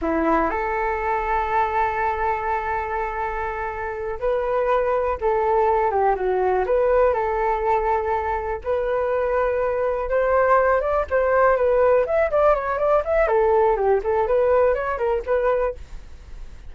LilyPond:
\new Staff \with { instrumentName = "flute" } { \time 4/4 \tempo 4 = 122 e'4 a'2.~ | a'1~ | a'8 b'2 a'4. | g'8 fis'4 b'4 a'4.~ |
a'4. b'2~ b'8~ | b'8 c''4. d''8 c''4 b'8~ | b'8 e''8 d''8 cis''8 d''8 e''8 a'4 | g'8 a'8 b'4 cis''8 ais'8 b'4 | }